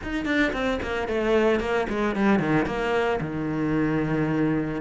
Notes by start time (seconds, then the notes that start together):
0.03 D#4
0.25 D4
0.53 C4
0.82 A#3
1.08 A3
1.59 A#3
1.89 G#3
2.15 G3
2.39 D#3
2.65 A#3
3.20 D#3